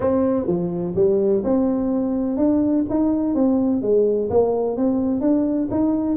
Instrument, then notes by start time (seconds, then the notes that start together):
tuba
0.00 C4
0.46 F3
0.95 G3
1.44 C4
2.37 D4
2.89 D#4
3.34 C4
3.82 G#3
4.30 A#3
4.76 C4
5.20 D4
5.71 D#4